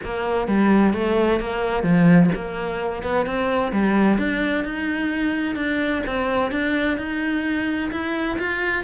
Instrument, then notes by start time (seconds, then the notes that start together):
cello
0.04 A#3
0.47 G3
0.93 A3
1.40 A#3
1.83 F3
2.35 A#3
3.02 B3
3.26 C4
3.72 G3
4.17 D4
4.64 D#4
5.55 D4
6.06 C4
6.51 D4
6.97 D#4
7.91 E4
8.38 F4